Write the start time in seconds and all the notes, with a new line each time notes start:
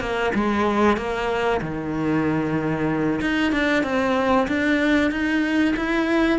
0.00 A#3
0.34 G#3
0.97 A#3
1.61 D#3
3.21 D#4
3.52 D4
3.83 C4
4.48 D4
5.11 D#4
5.76 E4